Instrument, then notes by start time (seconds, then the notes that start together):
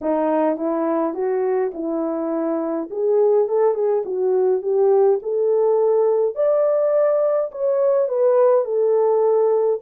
horn
0.01 D#4
0.56 E4
1.14 F#4
1.73 E4
2.90 G#4
3.48 A4
3.74 G#4
4.05 F#4
4.62 G4
5.22 A4
6.35 D5
7.51 C#5
8.08 B4
8.64 A4